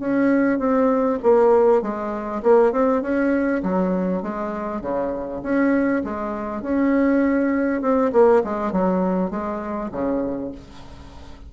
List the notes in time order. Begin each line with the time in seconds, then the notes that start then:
0.00 C#4
0.59 C4
1.23 A#3
1.82 G#3
2.43 A#3
2.72 C4
3.02 C#4
3.63 F#3
4.23 G#3
4.81 C#3
5.43 C#4
6.04 G#3
6.62 C#4
7.82 C4
8.13 A#3
8.44 G#3
8.72 F#3
9.31 G#3
9.92 C#3